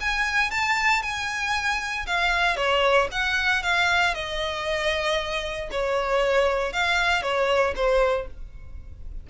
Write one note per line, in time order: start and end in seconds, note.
0.00 0.51 G#5
0.51 1.02 A5
1.02 2.05 G#5
2.06 2.56 F5
2.56 3.08 C#5
3.11 3.63 F#5
3.63 4.14 F5
4.14 5.69 D#5
5.71 6.73 C#5
6.73 7.22 F5
7.22 7.74 C#5
7.75 8.27 C5